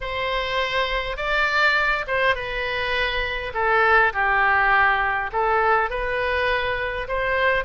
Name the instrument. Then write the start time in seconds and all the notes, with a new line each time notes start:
oboe
0.00 C5
1.17 D5
2.07 C5
2.35 B4
3.53 A4
4.13 G4
5.32 A4
5.90 B4
7.08 C5